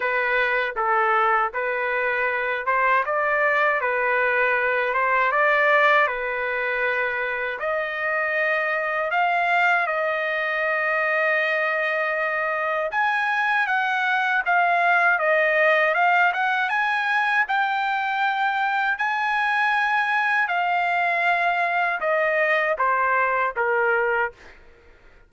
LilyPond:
\new Staff \with { instrumentName = "trumpet" } { \time 4/4 \tempo 4 = 79 b'4 a'4 b'4. c''8 | d''4 b'4. c''8 d''4 | b'2 dis''2 | f''4 dis''2.~ |
dis''4 gis''4 fis''4 f''4 | dis''4 f''8 fis''8 gis''4 g''4~ | g''4 gis''2 f''4~ | f''4 dis''4 c''4 ais'4 | }